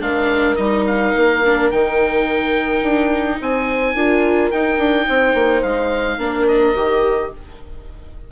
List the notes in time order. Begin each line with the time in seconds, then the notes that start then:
0.00 G#3 D4 A#4 F5
0.56 G3 D#4 D#5
0.87 F5
1.16 A#3
1.46 D4
1.71 D#3 D#4 G5
2.82 D4
3.41 C4 C5 G#5
3.95 D4 F4 A#4
4.51 D#4 G5
4.78 D4
5.08 C4 C5
5.35 A#3
5.63 G#3 F5
6.18 A#3 D4 A#4
6.48 D#5
6.75 D#3 G4